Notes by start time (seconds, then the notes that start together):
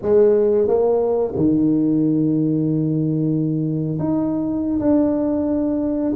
0.02 G#3
0.67 A#3
1.35 D#3
3.98 D#4
4.79 D4